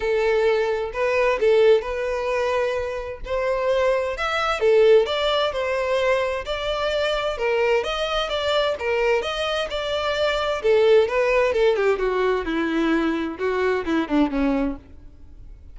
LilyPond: \new Staff \with { instrumentName = "violin" } { \time 4/4 \tempo 4 = 130 a'2 b'4 a'4 | b'2. c''4~ | c''4 e''4 a'4 d''4 | c''2 d''2 |
ais'4 dis''4 d''4 ais'4 | dis''4 d''2 a'4 | b'4 a'8 g'8 fis'4 e'4~ | e'4 fis'4 e'8 d'8 cis'4 | }